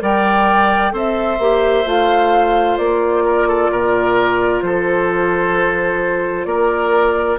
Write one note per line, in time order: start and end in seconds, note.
0.00 0.93 G3
0.00 0.92 A#4
0.00 0.93 D5
0.00 0.96 G5
0.92 1.39 C4
0.92 1.38 A4
0.92 3.24 C5
0.92 1.88 E5
1.39 1.85 A#3
1.39 1.85 G4
1.85 2.79 A3
1.85 7.39 F4
1.85 2.78 F5
2.78 3.71 A#3
2.78 4.62 D5
3.25 3.48 A#4
3.48 3.71 A4
3.72 4.63 A#2
3.72 4.64 A#4
4.62 6.46 F3
4.62 6.47 A4
4.62 6.45 C5
6.45 7.38 A#3
6.45 7.39 A#4
6.45 7.37 D5